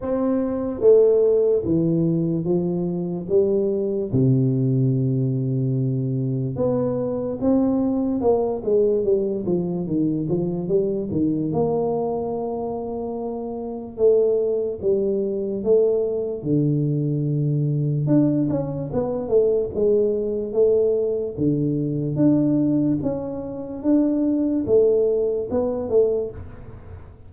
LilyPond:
\new Staff \with { instrumentName = "tuba" } { \time 4/4 \tempo 4 = 73 c'4 a4 e4 f4 | g4 c2. | b4 c'4 ais8 gis8 g8 f8 | dis8 f8 g8 dis8 ais2~ |
ais4 a4 g4 a4 | d2 d'8 cis'8 b8 a8 | gis4 a4 d4 d'4 | cis'4 d'4 a4 b8 a8 | }